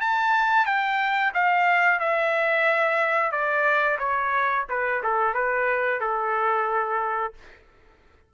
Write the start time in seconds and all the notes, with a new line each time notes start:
0.00 A5
0.65 G5
1.34 F5
1.99 E5
3.31 D5
3.98 C#5
4.69 B4
5.03 A4
5.33 B4
6.00 A4